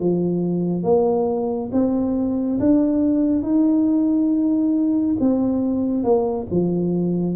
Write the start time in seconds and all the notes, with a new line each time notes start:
0.00 F3
0.83 A#3
1.72 C4
2.60 D4
3.43 D#4
5.20 C4
6.04 A#3
6.51 F3